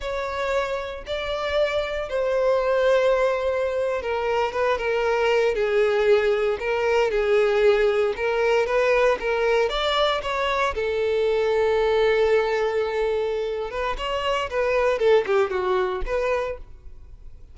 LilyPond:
\new Staff \with { instrumentName = "violin" } { \time 4/4 \tempo 4 = 116 cis''2 d''2 | c''2.~ c''8. ais'16~ | ais'8. b'8 ais'4. gis'4~ gis'16~ | gis'8. ais'4 gis'2 ais'16~ |
ais'8. b'4 ais'4 d''4 cis''16~ | cis''8. a'2.~ a'16~ | a'2~ a'8 b'8 cis''4 | b'4 a'8 g'8 fis'4 b'4 | }